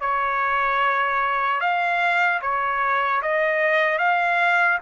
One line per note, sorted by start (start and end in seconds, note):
0.00 1.60 C#5
1.60 2.40 F5
2.41 3.21 C#5
3.21 3.98 D#5
3.98 4.78 F5